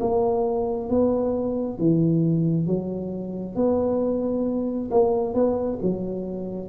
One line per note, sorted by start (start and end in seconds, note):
0.00 0.89 A#3
0.89 1.78 B3
1.78 2.67 E3
2.67 3.56 F#3
3.56 4.90 B3
4.91 5.34 A#3
5.34 5.78 B3
5.82 6.68 F#3